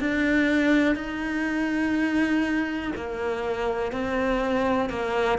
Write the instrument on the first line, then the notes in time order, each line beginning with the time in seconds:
cello
0.00 D4
0.96 D#4
2.96 A#3
3.93 C4
4.90 A#3